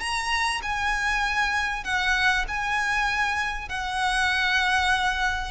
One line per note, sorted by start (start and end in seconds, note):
0.00 0.61 A#5
0.62 1.84 G#5
1.84 2.45 F#5
2.48 3.69 G#5
3.69 5.51 F#5